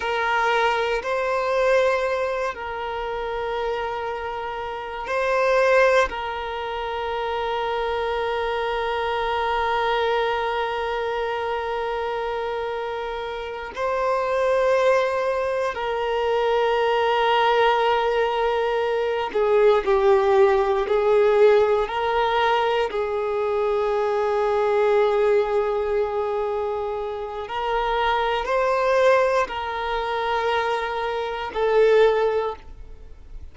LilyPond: \new Staff \with { instrumentName = "violin" } { \time 4/4 \tempo 4 = 59 ais'4 c''4. ais'4.~ | ais'4 c''4 ais'2~ | ais'1~ | ais'4. c''2 ais'8~ |
ais'2. gis'8 g'8~ | g'8 gis'4 ais'4 gis'4.~ | gis'2. ais'4 | c''4 ais'2 a'4 | }